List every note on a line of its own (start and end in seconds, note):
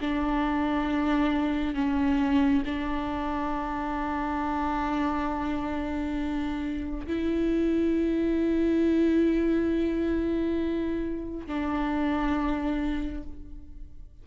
0.00 1.74 D4
1.74 2.62 C#4
2.65 7.06 D4
7.06 11.47 E4
11.47 13.23 D4